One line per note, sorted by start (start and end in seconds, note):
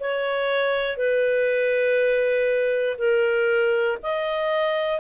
0.00 0.97 C#5
0.97 2.97 B4
2.98 3.98 A#4
4.03 5.00 D#5